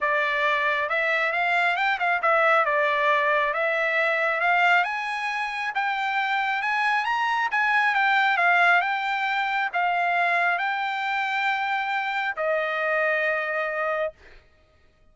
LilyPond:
\new Staff \with { instrumentName = "trumpet" } { \time 4/4 \tempo 4 = 136 d''2 e''4 f''4 | g''8 f''8 e''4 d''2 | e''2 f''4 gis''4~ | gis''4 g''2 gis''4 |
ais''4 gis''4 g''4 f''4 | g''2 f''2 | g''1 | dis''1 | }